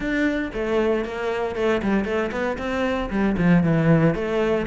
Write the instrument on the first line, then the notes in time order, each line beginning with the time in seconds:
cello
0.00 D4
0.53 A3
1.04 A#3
1.55 A3
1.82 G3
2.04 A3
2.31 B3
2.57 C4
3.10 G3
3.37 F3
3.63 E3
4.14 A3